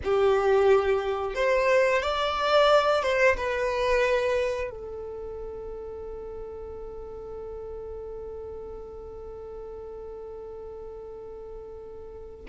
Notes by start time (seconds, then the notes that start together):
0.04 G4
1.35 C5
2.02 D5
3.02 C5
3.36 B4
4.70 A4